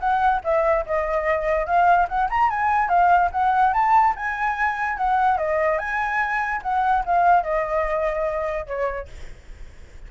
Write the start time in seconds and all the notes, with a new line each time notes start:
0.00 F#5
0.44 E5
0.86 D#5
1.66 F5
2.08 F#5
2.30 A#5
2.50 G#5
2.89 F5
3.32 F#5
3.73 A5
4.16 G#5
4.97 F#5
5.38 D#5
5.79 G#5
6.63 F#5
7.06 F5
7.43 D#5
8.67 C#5